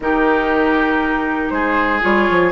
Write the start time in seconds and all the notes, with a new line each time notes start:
0.00 D#3 D#4 G4 A#4
1.49 G#3 G#4 C5
2.01 G3 F4 C#5
2.30 F3